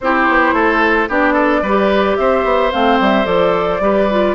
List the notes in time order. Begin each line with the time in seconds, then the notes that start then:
0.00 C4 E4 G4 C5
0.28 B3
0.52 A3 A4
1.08 B3 D4 G4 D5
1.33 A4
1.62 G3 B4
1.68 G4
2.16 C4 C5 E5
2.44 B3
2.71 A3 C4 F5
3.00 G3 E5
3.25 F3 A4 D5
3.80 G3 G4 B4
4.10 F4